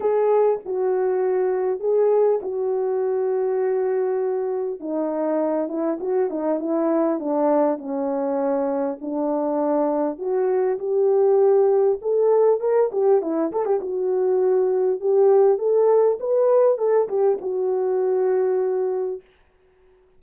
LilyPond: \new Staff \with { instrumentName = "horn" } { \time 4/4 \tempo 4 = 100 gis'4 fis'2 gis'4 | fis'1 | dis'4. e'8 fis'8 dis'8 e'4 | d'4 cis'2 d'4~ |
d'4 fis'4 g'2 | a'4 ais'8 g'8 e'8 a'16 g'16 fis'4~ | fis'4 g'4 a'4 b'4 | a'8 g'8 fis'2. | }